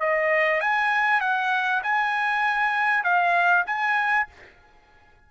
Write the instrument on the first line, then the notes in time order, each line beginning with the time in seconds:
trumpet
0.00 D#5
0.60 G#5
1.21 F#5
1.83 G#5
3.04 F5
3.66 G#5